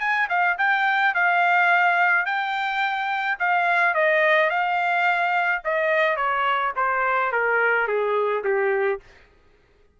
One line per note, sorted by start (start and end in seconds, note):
0.00 0.28 G#5
0.29 0.57 F5
0.58 1.14 G5
1.14 2.26 F5
2.26 3.38 G5
3.39 3.94 F5
3.94 4.50 D#5
4.50 5.62 F5
5.64 6.16 D#5
6.16 6.72 C#5
6.76 7.32 C5
7.32 7.87 A#4
7.87 8.43 G#4
8.44 9.00 G4